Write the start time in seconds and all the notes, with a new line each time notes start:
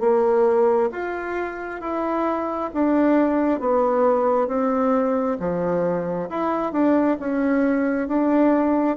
0.00 A#3
0.92 F4
1.81 E4
2.74 D4
3.61 B3
4.48 C4
5.40 F3
6.30 E4
6.72 D4
7.20 C#4
8.08 D4